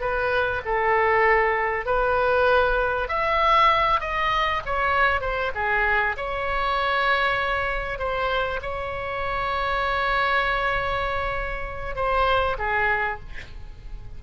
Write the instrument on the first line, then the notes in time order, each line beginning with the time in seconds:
oboe
0.00 B4
0.65 A4
1.86 B4
3.08 E5
4.00 D#5
4.65 C#5
5.20 C5
5.54 G#4
6.17 C#5
7.99 C5
8.62 C#5
11.95 C5
12.58 G#4